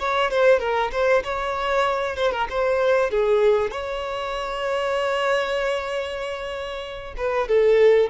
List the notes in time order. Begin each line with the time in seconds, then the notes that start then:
0.00 C#5
0.31 C5
0.60 A#4
0.92 C5
1.24 C#5
2.17 C5
2.32 A#4
2.50 C5
3.11 G#4
3.71 C#5
7.18 B4
7.49 A4